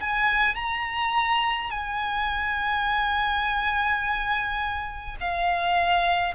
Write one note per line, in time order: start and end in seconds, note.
0.00 0.55 G#5
0.55 1.70 A#5
1.70 5.16 G#5
5.20 6.34 F5